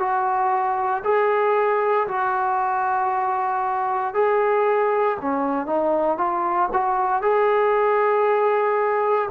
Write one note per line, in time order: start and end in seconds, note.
0.00 1.03 F#4
1.04 2.08 G#4
2.08 4.14 F#4
4.14 5.18 G#4
5.22 5.67 C#4
5.67 6.18 D#4
6.18 6.70 F4
6.73 7.23 F#4
7.23 9.30 G#4